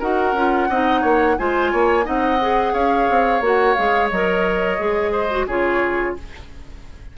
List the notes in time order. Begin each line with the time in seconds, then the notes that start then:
0.00 D#4 F#4 A#4 F#5
0.34 C#4 F4
0.70 C4 D#4 D#5
1.01 A#3 C#5
1.38 G#3 F4 C5 G#5
1.72 A#3 C#5
2.04 C4 D#4 D#5 F#5
2.41 G#4
2.73 C#4 C#5 F5
3.10 C4
3.41 A#3 F#4
3.48 F#5
3.74 G#3 G#4 F5
4.11 F#3 A#4 D#5
4.79 G#3 G#4
5.12 C5
5.31 F#4
5.47 C#3 F4 G#4 C#5